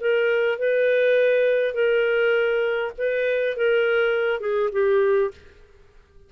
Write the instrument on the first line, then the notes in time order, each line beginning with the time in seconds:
clarinet
0.00 A#4
0.58 B4
1.74 A#4
2.98 B4
3.56 A#4
4.40 G#4
4.72 G4